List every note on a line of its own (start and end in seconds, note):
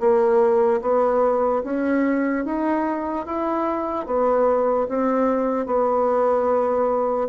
0.00 0.81 A#3
0.81 1.63 B3
1.64 2.45 C#4
2.45 3.26 D#4
3.26 4.07 E4
4.07 4.88 B3
4.89 5.66 C4
5.66 7.29 B3